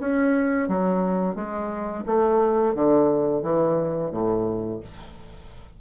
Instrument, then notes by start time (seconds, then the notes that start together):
bassoon
0.00 C#4
0.68 F#3
1.35 G#3
2.06 A3
2.75 D3
3.42 E3
4.11 A2